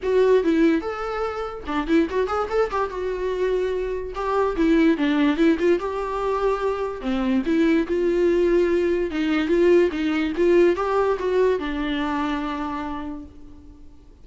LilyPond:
\new Staff \with { instrumentName = "viola" } { \time 4/4 \tempo 4 = 145 fis'4 e'4 a'2 | d'8 e'8 fis'8 gis'8 a'8 g'8 fis'4~ | fis'2 g'4 e'4 | d'4 e'8 f'8 g'2~ |
g'4 c'4 e'4 f'4~ | f'2 dis'4 f'4 | dis'4 f'4 g'4 fis'4 | d'1 | }